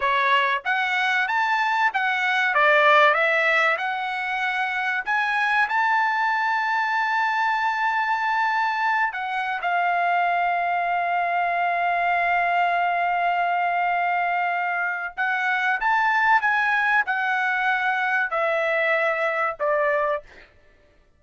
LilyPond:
\new Staff \with { instrumentName = "trumpet" } { \time 4/4 \tempo 4 = 95 cis''4 fis''4 a''4 fis''4 | d''4 e''4 fis''2 | gis''4 a''2.~ | a''2~ a''8 fis''8. f''8.~ |
f''1~ | f''1 | fis''4 a''4 gis''4 fis''4~ | fis''4 e''2 d''4 | }